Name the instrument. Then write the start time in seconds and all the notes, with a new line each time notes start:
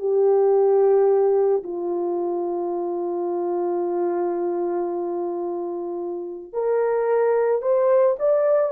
horn
0.00 G4
1.64 F4
6.54 A#4
7.62 C5
8.19 D5